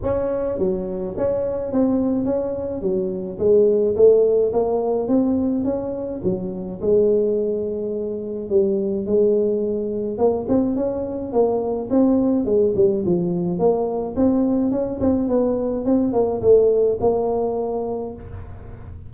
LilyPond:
\new Staff \with { instrumentName = "tuba" } { \time 4/4 \tempo 4 = 106 cis'4 fis4 cis'4 c'4 | cis'4 fis4 gis4 a4 | ais4 c'4 cis'4 fis4 | gis2. g4 |
gis2 ais8 c'8 cis'4 | ais4 c'4 gis8 g8 f4 | ais4 c'4 cis'8 c'8 b4 | c'8 ais8 a4 ais2 | }